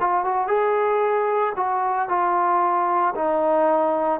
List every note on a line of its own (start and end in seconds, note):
0.00 0.24 F4
0.24 0.47 F#4
0.47 1.53 G#4
1.56 2.08 F#4
2.08 3.13 F4
3.14 4.20 D#4